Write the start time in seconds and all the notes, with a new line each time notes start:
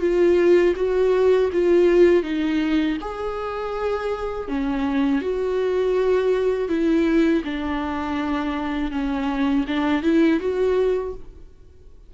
0.00 F4
0.76 F#4
1.53 F4
2.23 D#4
3.01 G#4
4.48 C#4
5.21 F#4
6.68 E4
7.44 D4
8.91 C#4
9.67 D4
10.02 E4
10.39 F#4